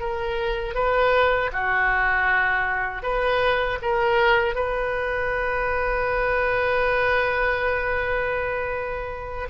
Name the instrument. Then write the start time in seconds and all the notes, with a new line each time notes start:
oboe
0.00 A#4
0.75 B4
1.53 F#4
3.03 B4
3.82 A#4
4.55 B4